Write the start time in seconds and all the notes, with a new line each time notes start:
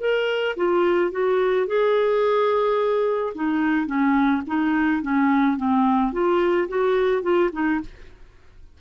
0.00 A#4
0.56 F4
1.11 F#4
1.67 G#4
3.35 D#4
3.86 C#4
4.46 D#4
5.02 C#4
5.57 C4
6.12 F4
6.68 F#4
7.22 F4
7.53 D#4